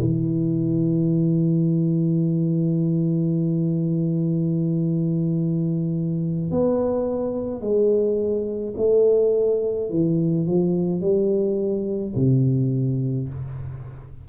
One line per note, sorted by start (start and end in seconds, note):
0.00 6.51 E3
6.51 7.61 B3
7.61 8.74 G#3
8.77 9.90 A3
9.90 10.46 E3
10.46 11.01 F3
11.01 12.14 G3
12.15 13.28 C3